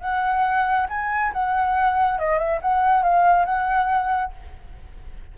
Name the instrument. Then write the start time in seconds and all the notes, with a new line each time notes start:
flute
0.00 F#5
0.89 G#5
1.33 F#5
2.19 D#5
2.38 E5
2.61 F#5
3.03 F5
3.45 F#5